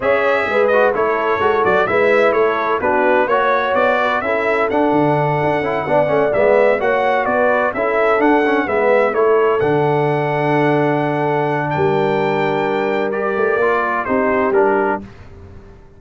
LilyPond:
<<
  \new Staff \with { instrumentName = "trumpet" } { \time 4/4 \tempo 4 = 128 e''4. dis''8 cis''4. d''8 | e''4 cis''4 b'4 cis''4 | d''4 e''4 fis''2~ | fis''4. e''4 fis''4 d''8~ |
d''8 e''4 fis''4 e''4 cis''8~ | cis''8 fis''2.~ fis''8~ | fis''4 g''2. | d''2 c''4 ais'4 | }
  \new Staff \with { instrumentName = "horn" } { \time 4/4 cis''4 b'4 a'2 | b'4 a'4 fis'4 cis''4~ | cis''8 b'8 a'2.~ | a'8 d''2 cis''4 b'8~ |
b'8 a'2 b'4 a'8~ | a'1~ | a'4 ais'2.~ | ais'2 g'2 | }
  \new Staff \with { instrumentName = "trombone" } { \time 4/4 gis'4. fis'8 e'4 fis'4 | e'2 d'4 fis'4~ | fis'4 e'4 d'2 | e'8 d'8 cis'8 b4 fis'4.~ |
fis'8 e'4 d'8 cis'8 b4 e'8~ | e'8 d'2.~ d'8~ | d'1 | g'4 f'4 dis'4 d'4 | }
  \new Staff \with { instrumentName = "tuba" } { \time 4/4 cis'4 gis4 a4 gis8 fis8 | gis4 a4 b4 ais4 | b4 cis'4 d'8 d4 d'8 | cis'8 b8 a8 gis4 ais4 b8~ |
b8 cis'4 d'4 gis4 a8~ | a8 d2.~ d8~ | d4 g2.~ | g8 a8 ais4 c'4 g4 | }
>>